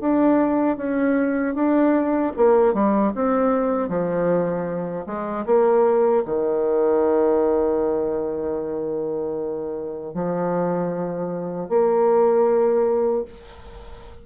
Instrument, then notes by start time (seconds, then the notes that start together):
bassoon
0.00 D4
0.77 C#4
1.54 D4
2.36 A#3
2.73 G3
3.15 C4
3.88 F3
5.06 G#3
5.45 A#3
6.25 D#3
10.14 F3
11.69 A#3